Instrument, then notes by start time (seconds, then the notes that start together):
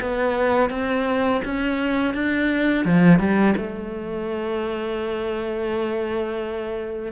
cello
0.00 B3
0.69 C4
1.44 C#4
2.14 D4
2.85 F3
3.19 G3
3.57 A3